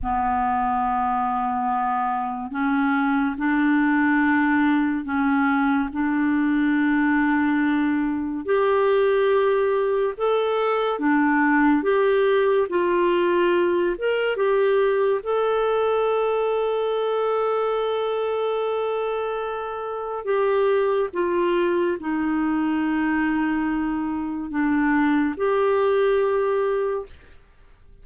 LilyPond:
\new Staff \with { instrumentName = "clarinet" } { \time 4/4 \tempo 4 = 71 b2. cis'4 | d'2 cis'4 d'4~ | d'2 g'2 | a'4 d'4 g'4 f'4~ |
f'8 ais'8 g'4 a'2~ | a'1 | g'4 f'4 dis'2~ | dis'4 d'4 g'2 | }